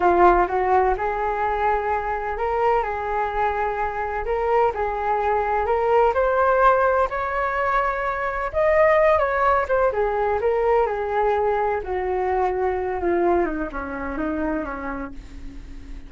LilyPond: \new Staff \with { instrumentName = "flute" } { \time 4/4 \tempo 4 = 127 f'4 fis'4 gis'2~ | gis'4 ais'4 gis'2~ | gis'4 ais'4 gis'2 | ais'4 c''2 cis''4~ |
cis''2 dis''4. cis''8~ | cis''8 c''8 gis'4 ais'4 gis'4~ | gis'4 fis'2~ fis'8 f'8~ | f'8 dis'8 cis'4 dis'4 cis'4 | }